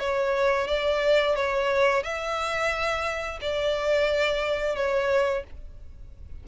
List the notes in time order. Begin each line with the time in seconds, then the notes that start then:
0.00 C#5
0.68 D5
1.36 C#5
2.03 E5
3.42 D5
4.76 C#5